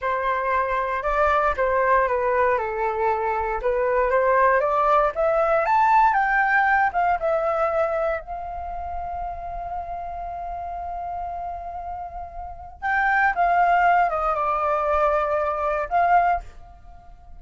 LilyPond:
\new Staff \with { instrumentName = "flute" } { \time 4/4 \tempo 4 = 117 c''2 d''4 c''4 | b'4 a'2 b'4 | c''4 d''4 e''4 a''4 | g''4. f''8 e''2 |
f''1~ | f''1~ | f''4 g''4 f''4. dis''8 | d''2. f''4 | }